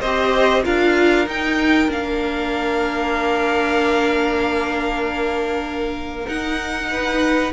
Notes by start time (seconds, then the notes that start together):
0.00 C4 G4 C5 D#5
0.63 D4 F4 A#4 F5
1.26 D#4 G5
1.88 A#3 D4 F5
6.27 D#4 F#5
6.91 B4